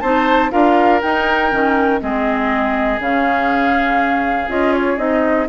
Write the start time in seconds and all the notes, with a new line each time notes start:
0.00 C4 D#4 C5 A5
0.50 D4 F4 A#4 F5
1.01 D#4 G5
1.50 D#3 C#4
2.00 G#3 C4 G#4 D#5
2.99 C#3 C#4 F5
4.48 C#4 F4 D#5
4.73 C#5
4.97 C4 D#4 D#5